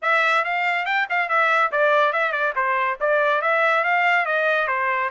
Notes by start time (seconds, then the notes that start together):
0.02 E5
0.44 F5
0.85 G5
1.09 F5
1.28 E5
1.71 D5
2.13 E5
2.32 D5
2.55 C5
3.00 D5
3.41 E5
3.84 F5
4.25 D#5
4.67 C5